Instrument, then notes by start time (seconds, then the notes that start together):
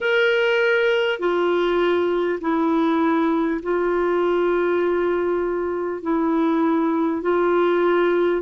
clarinet
0.00 A#4
1.19 F4
2.41 E4
3.62 F4
6.02 E4
7.22 F4